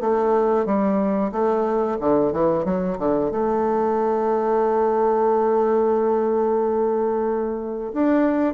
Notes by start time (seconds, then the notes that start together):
0.00 A3
0.65 G3
1.31 A3
2.00 D3
2.32 E3
2.64 F#3
2.98 D3
3.31 A3
7.93 D4